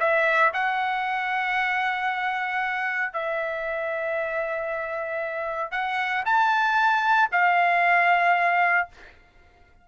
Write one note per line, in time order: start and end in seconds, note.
0.00 0.52 E5
0.54 3.13 F#5
3.13 5.72 E5
5.72 6.24 F#5
6.25 7.30 A5
7.32 8.88 F5